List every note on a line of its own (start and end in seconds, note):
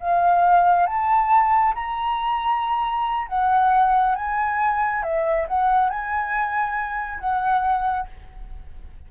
0.00 0.86 F5
0.86 1.74 A5
1.75 3.28 A#5
3.28 4.15 F#5
4.15 5.03 G#5
5.03 5.47 E5
5.47 5.89 F#5
5.89 7.20 G#5
7.20 8.07 F#5